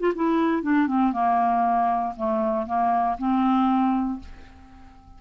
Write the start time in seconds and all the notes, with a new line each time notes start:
0.00 F4
0.15 E4
0.62 D4
0.87 C4
1.12 A#3
2.16 A3
2.66 A#3
3.18 C4